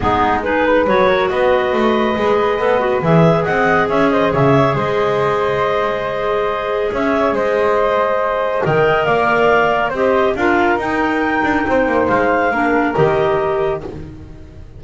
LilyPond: <<
  \new Staff \with { instrumentName = "clarinet" } { \time 4/4 \tempo 4 = 139 gis'4 b'4 cis''4 dis''4~ | dis''2. e''4 | fis''4 e''8 dis''8 e''4 dis''4~ | dis''1 |
e''4 dis''2. | g''4 f''2 dis''4 | f''4 g''2. | f''2 dis''2 | }
  \new Staff \with { instrumentName = "flute" } { \time 4/4 dis'4 gis'8 b'4 ais'8 b'4~ | b'1 | dis''4 cis''8 c''8 cis''4 c''4~ | c''1 |
cis''4 c''2. | dis''4 d''2 c''4 | ais'2. c''4~ | c''4 ais'2. | }
  \new Staff \with { instrumentName = "clarinet" } { \time 4/4 b4 dis'4 fis'2~ | fis'4 gis'4 a'8 fis'8 gis'4~ | gis'1~ | gis'1~ |
gis'1 | ais'2. g'4 | f'4 dis'2.~ | dis'4 d'4 g'2 | }
  \new Staff \with { instrumentName = "double bass" } { \time 4/4 gis2 fis4 b4 | a4 gis4 b4 e4 | c'4 cis'4 cis4 gis4~ | gis1 |
cis'4 gis2. | dis4 ais2 c'4 | d'4 dis'4. d'8 c'8 ais8 | gis4 ais4 dis2 | }
>>